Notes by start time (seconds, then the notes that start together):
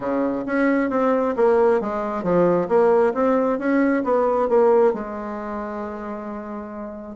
0.00 C#3
0.46 C#4
0.90 C4
1.36 A#3
1.80 G#3
2.23 F3
2.68 A#3
3.14 C4
3.58 C#4
4.04 B3
4.49 A#3
4.93 G#3